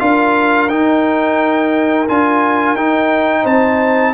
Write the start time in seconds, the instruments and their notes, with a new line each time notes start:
0.00 tuba D4, trombone F4, horn A#4, trumpet F5
0.69 trombone D#4, tuba D#4, trumpet G5
2.08 tuba D4, trombone F4, trumpet G#5
2.75 tuba D#4, trombone D#4, trumpet G5
3.42 tuba C4, horn C5, trumpet A5